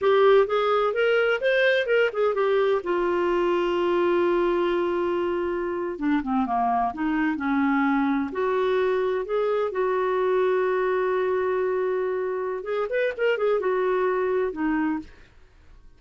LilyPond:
\new Staff \with { instrumentName = "clarinet" } { \time 4/4 \tempo 4 = 128 g'4 gis'4 ais'4 c''4 | ais'8 gis'8 g'4 f'2~ | f'1~ | f'8. d'8 c'8 ais4 dis'4 cis'16~ |
cis'4.~ cis'16 fis'2 gis'16~ | gis'8. fis'2.~ fis'16~ | fis'2. gis'8 b'8 | ais'8 gis'8 fis'2 dis'4 | }